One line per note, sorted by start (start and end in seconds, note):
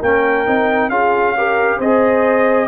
0.00 0.47 A#3
0.00 0.46 C#4
0.00 0.90 A#4
0.00 0.90 G5
0.46 0.89 C4
0.46 0.91 D#4
0.89 1.79 C#4
0.89 1.36 F4
0.89 1.35 G#4
0.89 1.79 F5
1.36 1.81 G4
1.36 1.78 A#4
1.78 2.68 C4
1.78 2.68 G#4
1.78 2.67 C5
1.78 2.68 D#5